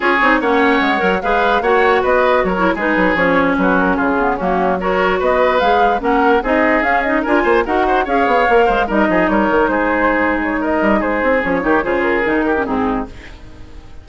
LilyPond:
<<
  \new Staff \with { instrumentName = "flute" } { \time 4/4 \tempo 4 = 147 cis''4 fis''2 f''4 | fis''4 dis''4 cis''8. b'4 cis''16~ | cis''8. b'8 ais'8 gis'4 fis'4 cis''16~ | cis''8. dis''4 f''4 fis''4 dis''16~ |
dis''8. f''8 dis''8 gis''4 fis''4 f''16~ | f''4.~ f''16 dis''4 cis''4 c''16~ | c''4. cis''8 dis''4 c''4 | cis''4 c''8 ais'4. gis'4 | }
  \new Staff \with { instrumentName = "oboe" } { \time 4/4 gis'4 cis''2 b'4 | cis''4 b'4 ais'8. gis'4~ gis'16~ | gis'8. fis'4 f'4 cis'4 ais'16~ | ais'8. b'2 ais'4 gis'16~ |
gis'4.~ gis'16 ais'8 c''8 ais'8 c''8 cis''16~ | cis''4~ cis''16 c''8 ais'8 gis'8 ais'4 gis'16~ | gis'2 ais'4 gis'4~ | gis'8 g'8 gis'4. g'8 dis'4 | }
  \new Staff \with { instrumentName = "clarinet" } { \time 4/4 f'8 dis'8 cis'4. ais'8 gis'4 | fis'2~ fis'16 e'8 dis'4 cis'16~ | cis'2~ cis'16 b8 ais4 fis'16~ | fis'4.~ fis'16 gis'4 cis'4 dis'16~ |
dis'8. cis'8 dis'8 f'4 fis'4 gis'16~ | gis'8. ais'4 dis'2~ dis'16~ | dis'1 | cis'8 dis'8 f'4 dis'8. cis'16 c'4 | }
  \new Staff \with { instrumentName = "bassoon" } { \time 4/4 cis'8 c'8 ais4 gis8 fis8 gis4 | ais4 b4 fis8. gis8 fis8 f16~ | f8. fis4 cis4 fis4~ fis16~ | fis8. b4 gis4 ais4 c'16~ |
c'8. cis'4 d'8 ais8 dis'4 cis'16~ | cis'16 b8 ais8 gis8 g8 f8 g8 dis8 gis16~ | gis2~ gis8 g8 gis8 c'8 | f8 dis8 cis4 dis4 gis,4 | }
>>